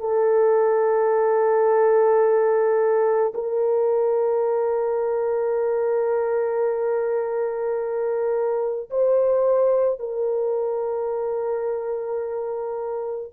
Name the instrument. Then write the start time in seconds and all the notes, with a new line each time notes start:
horn
0.00 A4
3.34 A#4
8.90 C5
10.00 A#4